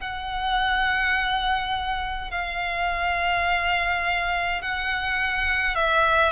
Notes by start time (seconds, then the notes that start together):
0.00 F#5
2.31 F5
4.62 F#5
5.75 E5